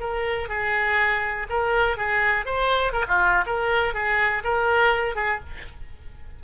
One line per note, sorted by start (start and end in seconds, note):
0.00 0.49 A#4
0.49 1.47 G#4
1.50 1.97 A#4
1.97 2.46 G#4
2.46 2.93 C5
2.93 3.05 A#4
3.08 3.45 F4
3.47 3.94 A#4
3.94 4.43 G#4
4.44 5.15 A#4
5.15 5.40 G#4